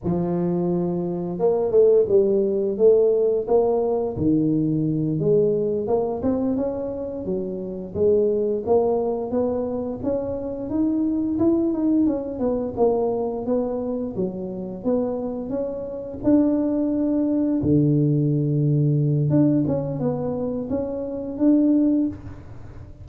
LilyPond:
\new Staff \with { instrumentName = "tuba" } { \time 4/4 \tempo 4 = 87 f2 ais8 a8 g4 | a4 ais4 dis4. gis8~ | gis8 ais8 c'8 cis'4 fis4 gis8~ | gis8 ais4 b4 cis'4 dis'8~ |
dis'8 e'8 dis'8 cis'8 b8 ais4 b8~ | b8 fis4 b4 cis'4 d'8~ | d'4. d2~ d8 | d'8 cis'8 b4 cis'4 d'4 | }